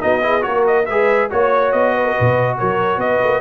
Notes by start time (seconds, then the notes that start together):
0.00 B3 D#4 F#4 D#5
0.22 E4 G#4
0.41 A#3 F#4 A#4 C#5
0.67 D#5
0.85 G#3 G#4 B4 E5
1.30 A#3 F#4 C#5
1.72 B3 D#5
1.95 B4
2.05 A#4
2.12 B4
2.20 B2
2.57 F#3 A#4 C#5
2.97 B3 B4 D#5
3.23 A#3